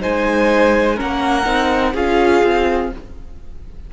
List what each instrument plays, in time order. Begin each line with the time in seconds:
0.00 cello G#3, viola D#4, violin C5 G#5
0.96 cello A#3, viola C#4, violin A#4 F#5
1.44 cello C4, viola D#4
1.93 cello C#4, viola F4, violin G#4 F5
2.43 cello C4